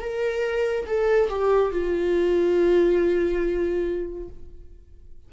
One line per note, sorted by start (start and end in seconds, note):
0.00 0.86 A#4
0.86 1.29 A4
1.29 1.71 G4
1.71 4.29 F4